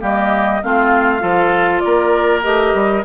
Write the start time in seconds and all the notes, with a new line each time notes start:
0.00 G3 A#3 G4 D#5
0.63 A3 C4 F4 F5
1.20 F3 F4 A4
1.80 A#3 A#4 D5
2.43 A3 G4 D#5
2.74 G3